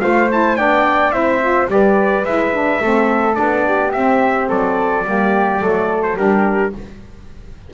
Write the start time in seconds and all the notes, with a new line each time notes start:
0.00 A3 F4 C5 F5
0.30 E4 A5
0.57 B3 D4 D5 G5
1.11 C4 E4 C5 E5
1.41 F4
1.68 G3 G4 B4 D5
2.25 G#3 E4 E5
2.54 D4
2.82 A3 C4 A4
3.34 B3 D4 D5
3.67 G4
3.92 C4 E5
4.49 F#3 A4 D5
5.04 G3 A#3 G4
5.60 F#3 A3 A4
6.03 C5
6.17 G3 D4 G4 A#4